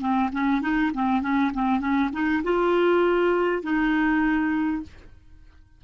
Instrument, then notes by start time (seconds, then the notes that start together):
clarinet
0.00 C4
0.32 C#4
0.62 D#4
0.94 C4
1.22 C#4
1.54 C4
1.80 C#4
2.13 D#4
2.44 F4
3.63 D#4